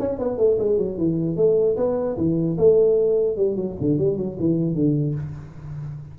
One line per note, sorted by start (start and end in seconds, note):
0.00 0.19 C#4
0.19 0.38 B3
0.38 0.58 A3
0.59 0.78 G#3
0.78 0.98 F#3
0.98 1.37 E3
1.37 1.77 A3
1.77 2.17 B3
2.18 2.58 E3
2.58 3.37 A3
3.37 3.56 G3
3.56 3.76 F#3
3.81 3.98 D3
3.98 4.17 G3
4.17 4.37 F#3
4.40 4.75 E3
4.75 5.15 D3